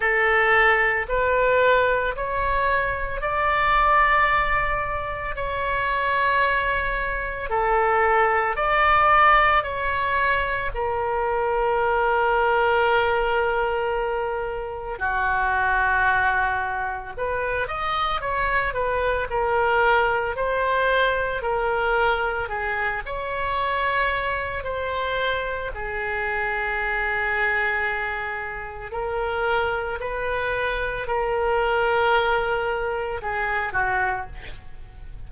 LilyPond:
\new Staff \with { instrumentName = "oboe" } { \time 4/4 \tempo 4 = 56 a'4 b'4 cis''4 d''4~ | d''4 cis''2 a'4 | d''4 cis''4 ais'2~ | ais'2 fis'2 |
b'8 dis''8 cis''8 b'8 ais'4 c''4 | ais'4 gis'8 cis''4. c''4 | gis'2. ais'4 | b'4 ais'2 gis'8 fis'8 | }